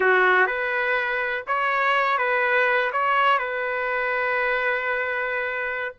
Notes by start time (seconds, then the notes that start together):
0.00 F#4
0.46 B4
1.47 C#5
2.18 B4
2.92 C#5
3.38 B4